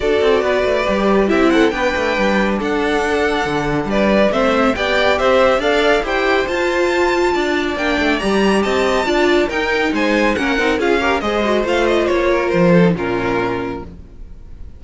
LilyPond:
<<
  \new Staff \with { instrumentName = "violin" } { \time 4/4 \tempo 4 = 139 d''2. e''8 fis''8 | g''2 fis''2~ | fis''4 d''4 e''4 g''4 | e''4 f''4 g''4 a''4~ |
a''2 g''4 ais''4 | a''2 g''4 gis''4 | fis''4 f''4 dis''4 f''8 dis''8 | cis''4 c''4 ais'2 | }
  \new Staff \with { instrumentName = "violin" } { \time 4/4 a'4 b'2 g'8 a'8 | b'2 a'2~ | a'4 b'4 c''4 d''4 | c''4 d''4 c''2~ |
c''4 d''2. | dis''4 d''4 ais'4 c''4 | ais'4 gis'8 ais'8 c''2~ | c''8 ais'4 a'8 f'2 | }
  \new Staff \with { instrumentName = "viola" } { \time 4/4 fis'2 g'4 e'4 | d'1~ | d'2 c'4 g'4~ | g'4 a'4 g'4 f'4~ |
f'2 d'4 g'4~ | g'4 f'4 dis'2 | cis'8 dis'8 f'8 g'8 gis'8 fis'8 f'4~ | f'4.~ f'16 dis'16 cis'2 | }
  \new Staff \with { instrumentName = "cello" } { \time 4/4 d'8 c'8 b8 a8 g4 c'4 | b8 a8 g4 d'2 | d4 g4 a4 b4 | c'4 d'4 e'4 f'4~ |
f'4 d'4 ais8 a8 g4 | c'4 d'4 dis'4 gis4 | ais8 c'8 cis'4 gis4 a4 | ais4 f4 ais,2 | }
>>